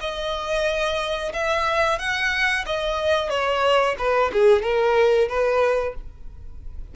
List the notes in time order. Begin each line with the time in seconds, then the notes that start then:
0.00 D#5
1.33 E5
1.98 F#5
2.66 D#5
3.29 C#5
3.98 B4
4.32 G#4
4.62 A#4
5.28 B4